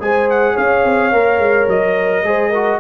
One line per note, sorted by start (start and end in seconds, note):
0.00 0.56 G#3
0.00 1.13 G#4
0.00 0.54 C5
0.00 0.30 G#5
0.30 0.58 F#5
0.54 0.85 C#4
0.54 2.22 C#5
0.54 1.70 F5
0.85 1.13 C4
1.13 1.39 A#3
1.13 2.25 A#4
1.39 1.67 G#3
1.68 2.24 F#3
1.68 2.81 D#5
2.24 2.80 G#3
2.24 2.53 G#4
2.24 2.50 C5
2.50 2.81 F#4
2.50 2.79 A#4